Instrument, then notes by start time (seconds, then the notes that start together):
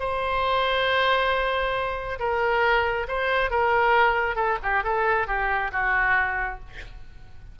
oboe
0.00 C5
2.20 A#4
3.08 C5
3.51 A#4
4.36 A4
4.63 G4
4.84 A4
5.28 G4
5.72 F#4